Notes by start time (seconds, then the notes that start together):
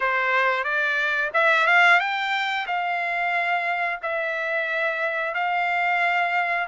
0.00 C5
0.64 D5
1.33 E5
1.66 F5
1.99 G5
2.66 F5
4.02 E5
5.34 F5